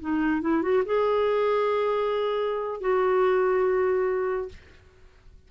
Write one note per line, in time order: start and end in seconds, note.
0.00 0.42 D#4
0.42 0.62 E4
0.62 0.83 F#4
0.85 2.81 G#4
2.81 4.49 F#4